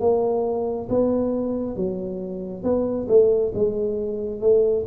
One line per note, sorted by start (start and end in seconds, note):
0.00 0.88 A#3
0.89 1.76 B3
1.76 2.64 F#3
2.64 3.08 B3
3.09 3.53 A3
3.55 4.41 G#3
4.41 4.85 A3